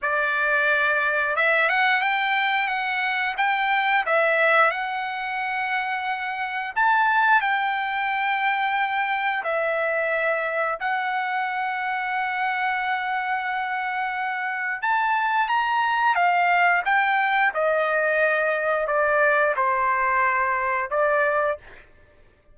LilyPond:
\new Staff \with { instrumentName = "trumpet" } { \time 4/4 \tempo 4 = 89 d''2 e''8 fis''8 g''4 | fis''4 g''4 e''4 fis''4~ | fis''2 a''4 g''4~ | g''2 e''2 |
fis''1~ | fis''2 a''4 ais''4 | f''4 g''4 dis''2 | d''4 c''2 d''4 | }